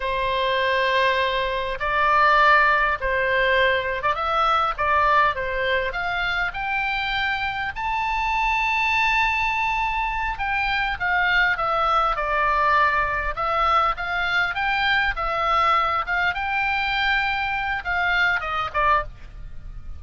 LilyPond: \new Staff \with { instrumentName = "oboe" } { \time 4/4 \tempo 4 = 101 c''2. d''4~ | d''4 c''4.~ c''16 d''16 e''4 | d''4 c''4 f''4 g''4~ | g''4 a''2.~ |
a''4. g''4 f''4 e''8~ | e''8 d''2 e''4 f''8~ | f''8 g''4 e''4. f''8 g''8~ | g''2 f''4 dis''8 d''8 | }